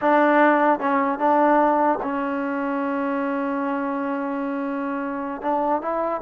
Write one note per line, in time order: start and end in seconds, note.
0.01 0.79 D4
0.79 1.18 C#4
1.18 1.98 D4
2.02 5.41 C#4
5.41 5.81 D4
5.81 6.21 E4